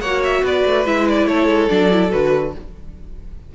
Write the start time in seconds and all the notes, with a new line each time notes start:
0.00 A#3 C#5 F#5
0.06 F#4
0.24 E5
0.43 B3 B4 D5
0.65 A3
0.86 G#3 E4 E5
1.09 D5
1.26 A3 A4 C#5
1.47 G#3
1.69 F#3 D4 D5
1.91 E4
2.10 D3 F#4 B4